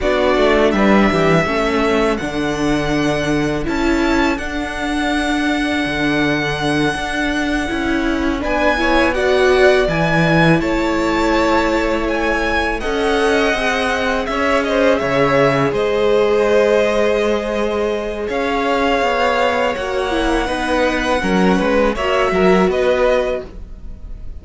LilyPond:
<<
  \new Staff \with { instrumentName = "violin" } { \time 4/4 \tempo 4 = 82 d''4 e''2 fis''4~ | fis''4 a''4 fis''2~ | fis''2.~ fis''8 gis''8~ | gis''8 fis''4 gis''4 a''4.~ |
a''8 gis''4 fis''2 e''8 | dis''8 e''4 dis''2~ dis''8~ | dis''4 f''2 fis''4~ | fis''2 e''4 dis''4 | }
  \new Staff \with { instrumentName = "violin" } { \time 4/4 fis'4 b'8 g'8 a'2~ | a'1~ | a'2.~ a'8 b'8 | cis''8 d''2 cis''4.~ |
cis''4. dis''2 cis''8 | c''8 cis''4 c''2~ c''8~ | c''4 cis''2. | b'4 ais'8 b'8 cis''8 ais'8 b'4 | }
  \new Staff \with { instrumentName = "viola" } { \time 4/4 d'2 cis'4 d'4~ | d'4 e'4 d'2~ | d'2~ d'8 e'4 d'8 | e'8 fis'4 e'2~ e'8~ |
e'4. a'4 gis'4.~ | gis'1~ | gis'2. fis'8 e'8 | dis'4 cis'4 fis'2 | }
  \new Staff \with { instrumentName = "cello" } { \time 4/4 b8 a8 g8 e8 a4 d4~ | d4 cis'4 d'2 | d4. d'4 cis'4 b8~ | b4. e4 a4.~ |
a4. cis'4 c'4 cis'8~ | cis'8 cis4 gis2~ gis8~ | gis4 cis'4 b4 ais4 | b4 fis8 gis8 ais8 fis8 b4 | }
>>